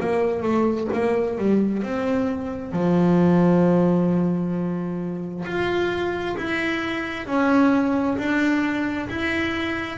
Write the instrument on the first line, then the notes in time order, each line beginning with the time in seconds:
double bass
0.00 A#3
0.43 A3
0.93 A#3
1.38 G3
1.83 C4
2.72 F3
5.45 F4
6.37 E4
7.26 C#4
8.17 D4
9.10 E4